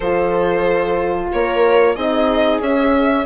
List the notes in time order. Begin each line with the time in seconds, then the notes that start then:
0.00 F3 F4 A4 C5
1.32 A#3 A#4 C#5
1.95 C4 D#4 G#4 D#5
2.60 C#4 E5